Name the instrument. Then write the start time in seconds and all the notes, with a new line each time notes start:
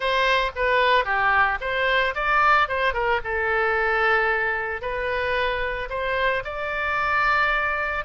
oboe
0.00 C5
0.55 B4
1.04 G4
1.60 C5
2.14 D5
2.68 C5
2.93 A#4
3.24 A4
4.81 B4
5.89 C5
6.44 D5